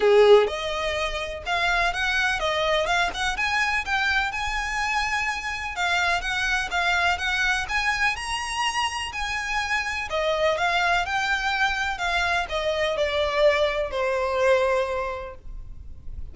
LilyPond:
\new Staff \with { instrumentName = "violin" } { \time 4/4 \tempo 4 = 125 gis'4 dis''2 f''4 | fis''4 dis''4 f''8 fis''8 gis''4 | g''4 gis''2. | f''4 fis''4 f''4 fis''4 |
gis''4 ais''2 gis''4~ | gis''4 dis''4 f''4 g''4~ | g''4 f''4 dis''4 d''4~ | d''4 c''2. | }